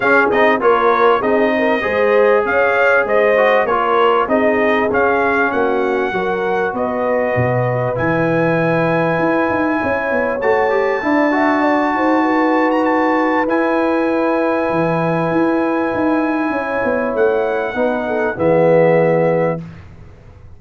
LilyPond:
<<
  \new Staff \with { instrumentName = "trumpet" } { \time 4/4 \tempo 4 = 98 f''8 dis''8 cis''4 dis''2 | f''4 dis''4 cis''4 dis''4 | f''4 fis''2 dis''4~ | dis''4 gis''2.~ |
gis''4 a''2.~ | a''8. ais''16 a''4 gis''2~ | gis''1 | fis''2 e''2 | }
  \new Staff \with { instrumentName = "horn" } { \time 4/4 gis'4 ais'4 gis'8 ais'8 c''4 | cis''4 c''4 ais'4 gis'4~ | gis'4 fis'4 ais'4 b'4~ | b'1 |
cis''2 d''8 e''8 d''8 c''8 | b'1~ | b'2. cis''4~ | cis''4 b'8 a'8 gis'2 | }
  \new Staff \with { instrumentName = "trombone" } { \time 4/4 cis'8 dis'8 f'4 dis'4 gis'4~ | gis'4. fis'8 f'4 dis'4 | cis'2 fis'2~ | fis'4 e'2.~ |
e'4 fis'8 g'8 e'8 fis'4.~ | fis'2 e'2~ | e'1~ | e'4 dis'4 b2 | }
  \new Staff \with { instrumentName = "tuba" } { \time 4/4 cis'8 c'8 ais4 c'4 gis4 | cis'4 gis4 ais4 c'4 | cis'4 ais4 fis4 b4 | b,4 e2 e'8 dis'8 |
cis'8 b8 a4 d'4. dis'8~ | dis'2 e'2 | e4 e'4 dis'4 cis'8 b8 | a4 b4 e2 | }
>>